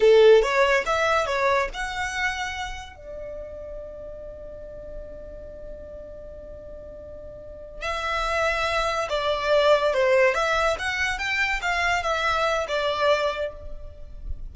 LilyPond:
\new Staff \with { instrumentName = "violin" } { \time 4/4 \tempo 4 = 142 a'4 cis''4 e''4 cis''4 | fis''2. d''4~ | d''1~ | d''1~ |
d''2~ d''8 e''4.~ | e''4. d''2 c''8~ | c''8 e''4 fis''4 g''4 f''8~ | f''8 e''4. d''2 | }